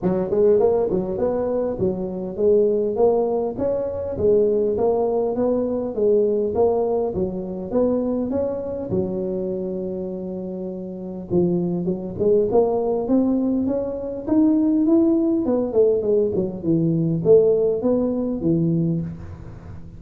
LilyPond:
\new Staff \with { instrumentName = "tuba" } { \time 4/4 \tempo 4 = 101 fis8 gis8 ais8 fis8 b4 fis4 | gis4 ais4 cis'4 gis4 | ais4 b4 gis4 ais4 | fis4 b4 cis'4 fis4~ |
fis2. f4 | fis8 gis8 ais4 c'4 cis'4 | dis'4 e'4 b8 a8 gis8 fis8 | e4 a4 b4 e4 | }